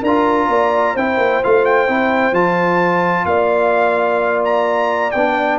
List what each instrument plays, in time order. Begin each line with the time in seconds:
0.00 tuba D4, horn A#4, trumpet A#5
0.07 trombone F4
0.48 tuba A#3, horn D5
0.94 tuba C4, trombone E4, horn C5, trumpet G5
1.17 tuba A#3
1.43 tuba A3, trombone F4, trumpet F5
1.65 trumpet G5
1.87 tuba C4, trombone E4
2.32 tuba F3, trombone F4, trumpet A5
3.26 tuba A#3, horn D5, trumpet F5
4.44 trumpet A#5
5.11 tuba B3, trumpet G5
5.17 trombone D4